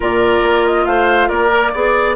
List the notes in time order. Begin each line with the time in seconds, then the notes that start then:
0.00 A#2 F4 A#4 D5
0.42 A#3
0.66 D#5
0.85 A3 C5 F5
1.28 A#3 A#4 D5
1.50 A#4
1.73 B3 G#4 D5